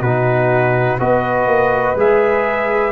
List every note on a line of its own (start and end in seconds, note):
0.00 0.98 B2
0.00 0.99 D#4
0.00 0.97 F#4
0.00 0.99 B4
0.99 1.46 B3
0.99 1.96 F#4
0.99 2.92 B4
0.99 1.97 D#5
1.46 1.95 A#3
1.95 2.92 G#3
1.95 2.92 G#4
1.95 2.92 E5